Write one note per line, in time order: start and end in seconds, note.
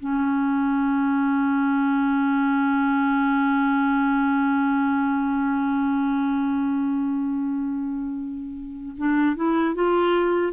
0.00 8.96 C#4
8.98 9.36 D4
9.36 9.75 E4
9.75 10.53 F4